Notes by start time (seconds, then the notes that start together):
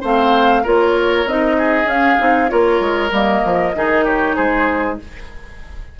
0.00 A3 C4 C5 F5
0.63 A#3 F4 A#4 C#5
1.25 C4 D#4 D#5
1.57 G#4
1.84 C#4 F5
2.18 C4 D#4
2.48 A#3 F4 A#4 C#5
2.80 G#3
3.10 G3 A#3 D#5
3.44 F3
3.74 D#3 D#4 G#4
4.05 G4 C#5
4.35 G#3 G#4 C5